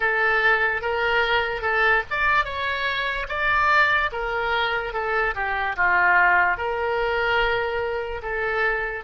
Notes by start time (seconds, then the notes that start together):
0.00 A4
0.81 A#4
1.61 A4
2.10 D5
2.44 C#5
3.28 D5
4.11 A#4
4.93 A4
5.34 G4
5.76 F4
6.57 A#4
8.22 A4